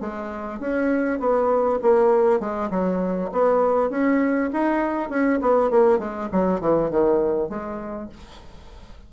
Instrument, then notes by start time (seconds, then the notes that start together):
bassoon
0.00 G#3
0.59 C#4
1.19 B3
1.82 A#3
2.40 G#3
2.70 F#3
3.32 B3
3.89 C#4
4.52 D#4
5.09 C#4
5.41 B3
5.70 A#3
5.98 G#3
6.32 F#3
6.60 E3
6.90 D#3
7.49 G#3